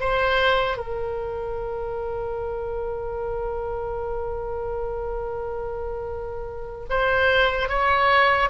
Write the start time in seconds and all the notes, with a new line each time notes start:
0.00 C5
0.77 A#4
6.90 C5
7.68 C#5